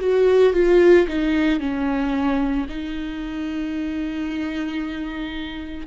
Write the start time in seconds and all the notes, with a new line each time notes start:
0.00 F#4
0.53 F4
1.07 D#4
1.59 C#4
2.69 D#4